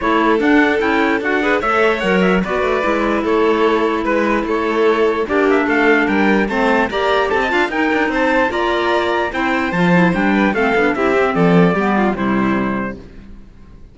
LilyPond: <<
  \new Staff \with { instrumentName = "trumpet" } { \time 4/4 \tempo 4 = 148 cis''4 fis''4 g''4 fis''4 | e''4 fis''8 e''8 d''2 | cis''2 b'4 cis''4~ | cis''4 d''8 e''8 f''4 g''4 |
a''4 ais''4 a''4 g''4 | a''4 ais''2 g''4 | a''4 g''4 f''4 e''4 | d''2 c''2 | }
  \new Staff \with { instrumentName = "violin" } { \time 4/4 a'2.~ a'8 b'8 | cis''2 b'2 | a'2 b'4 a'4~ | a'4 g'4 a'4 ais'4 |
c''4 d''4 a'16 dis''16 f''8 ais'4 | c''4 d''2 c''4~ | c''4. b'8 a'4 g'4 | a'4 g'8 f'8 e'2 | }
  \new Staff \with { instrumentName = "clarinet" } { \time 4/4 e'4 d'4 e'4 fis'8 gis'8 | a'4 ais'4 fis'4 e'4~ | e'1~ | e'4 d'2. |
c'4 g'4. f'8 dis'4~ | dis'4 f'2 e'4 | f'8 e'8 d'4 c'8 d'8 e'8 c'8~ | c'4 b4 g2 | }
  \new Staff \with { instrumentName = "cello" } { \time 4/4 a4 d'4 cis'4 d'4 | a4 fis4 b8 a8 gis4 | a2 gis4 a4~ | a4 ais4 a4 g4 |
a4 ais4 c'8 d'8 dis'8 d'8 | c'4 ais2 c'4 | f4 g4 a8 b8 c'4 | f4 g4 c2 | }
>>